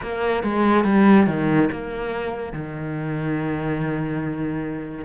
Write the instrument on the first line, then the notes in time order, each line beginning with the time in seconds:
cello
0.02 A#3
0.43 G#3
0.84 G3
1.27 D#3
1.71 A#3
2.52 D#3